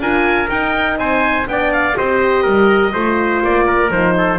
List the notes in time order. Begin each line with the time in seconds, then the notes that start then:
0.00 D4 F4 A#4 G#5
0.48 D#4 G5
0.98 C4 C5 G#5
1.47 B3 D4 D5 G5
1.73 F5
1.97 C4 G4 C5 D#5
2.43 G3 A#4
2.94 A3 F4 C5
3.44 A#3 D5
3.67 A#4
3.91 F3 D#4 C5
4.18 A4